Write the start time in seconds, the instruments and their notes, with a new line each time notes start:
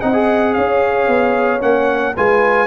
0.00 tuba C4, trombone D#4, horn D#5, trumpet F#5
0.13 trombone G#4
0.54 tuba C#4, horn C#5, trumpet F5
1.08 tuba B3
1.60 tuba A#3, trombone C#4, trumpet F#5
2.16 tuba G#3, trombone F4, horn B4, trumpet G#5